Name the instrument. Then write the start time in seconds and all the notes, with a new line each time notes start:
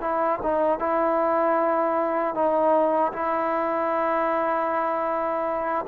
trombone
0.00 E4
0.43 D#4
0.79 E4
2.34 D#4
3.12 E4